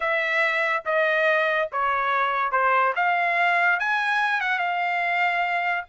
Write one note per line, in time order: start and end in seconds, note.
0.00 0.83 E5
0.85 1.69 D#5
1.71 2.51 C#5
2.51 2.93 C5
2.95 3.79 F5
3.79 4.40 G#5
4.40 4.58 F#5
4.58 5.84 F5